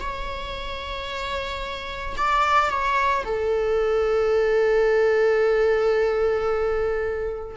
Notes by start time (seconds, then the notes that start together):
0.00 C#5
2.17 D5
2.70 C#5
3.25 A4